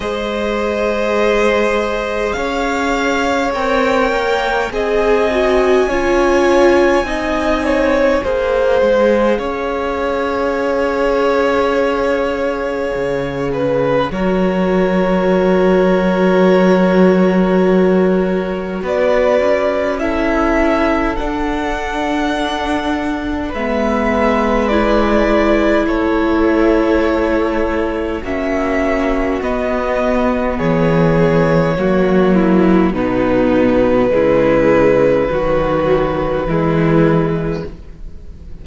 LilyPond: <<
  \new Staff \with { instrumentName = "violin" } { \time 4/4 \tempo 4 = 51 dis''2 f''4 g''4 | gis''2.~ gis''16 f''8.~ | f''1 | cis''1 |
d''4 e''4 fis''2 | e''4 d''4 cis''2 | e''4 dis''4 cis''2 | b'1 | }
  \new Staff \with { instrumentName = "violin" } { \time 4/4 c''2 cis''2 | dis''4 cis''4 dis''8 cis''8 c''4 | cis''2.~ cis''8 b'8 | ais'1 |
b'4 a'2. | b'2 a'2 | fis'2 gis'4 fis'8 e'8 | dis'4 e'4 fis'4 e'4 | }
  \new Staff \with { instrumentName = "viola" } { \time 4/4 gis'2. ais'4 | gis'8 fis'8 f'4 dis'4 gis'4~ | gis'1 | fis'1~ |
fis'4 e'4 d'2 | b4 e'2. | cis'4 b2 ais4 | b4 gis4 fis4 gis4 | }
  \new Staff \with { instrumentName = "cello" } { \time 4/4 gis2 cis'4 c'8 ais8 | c'4 cis'4 c'4 ais8 gis8 | cis'2. cis4 | fis1 |
b8 cis'4. d'2 | gis2 a2 | ais4 b4 e4 fis4 | b,4 cis4 dis4 e4 | }
>>